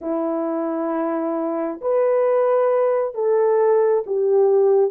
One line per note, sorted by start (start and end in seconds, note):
0.01 1.80 E4
1.81 3.14 B4
3.14 4.04 A4
4.06 4.91 G4